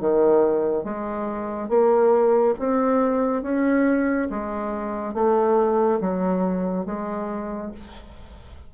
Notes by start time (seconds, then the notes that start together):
0.00 D#3
0.84 G#3
1.69 A#3
2.59 C4
3.43 C#4
4.31 G#3
5.14 A3
6.00 F#3
6.86 G#3